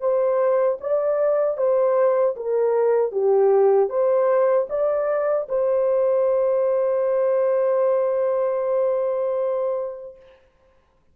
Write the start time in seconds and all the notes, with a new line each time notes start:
0.00 C5
0.80 D5
1.58 C5
2.36 A#4
3.12 G4
3.89 C5
4.69 D5
5.48 C5